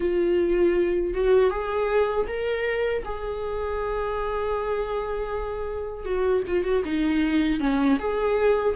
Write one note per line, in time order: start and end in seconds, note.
0.00 1.14 F4
1.14 1.50 F#4
1.50 2.26 G#4
2.27 3.03 A#4
3.04 6.05 G#4
6.05 6.43 F#4
6.47 6.64 F4
6.64 6.83 F#4
6.84 7.59 D#4
7.59 7.97 C#4
7.99 8.75 G#4